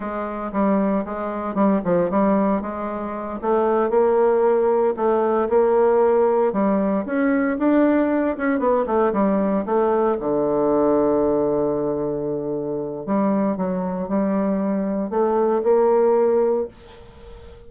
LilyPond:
\new Staff \with { instrumentName = "bassoon" } { \time 4/4 \tempo 4 = 115 gis4 g4 gis4 g8 f8 | g4 gis4. a4 ais8~ | ais4. a4 ais4.~ | ais8 g4 cis'4 d'4. |
cis'8 b8 a8 g4 a4 d8~ | d1~ | d4 g4 fis4 g4~ | g4 a4 ais2 | }